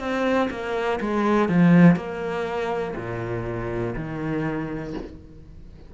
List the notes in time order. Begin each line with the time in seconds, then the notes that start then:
0.00 C4
0.51 A#3
1.01 G#3
1.49 F3
1.96 A#3
2.96 A#2
3.96 D#3